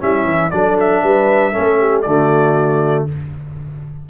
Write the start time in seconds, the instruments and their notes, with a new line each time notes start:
0.00 tuba G3, trombone C#4, horn E4, trumpet E5
0.25 tuba E3
0.51 tuba F#3, trombone D4, horn A4, trumpet D5
0.80 trumpet E5
1.03 tuba G3, horn B4
1.53 tuba A3, trombone C#4, horn A4
1.80 horn G4
2.02 tuba D3, trombone A3, horn F#4, trumpet D5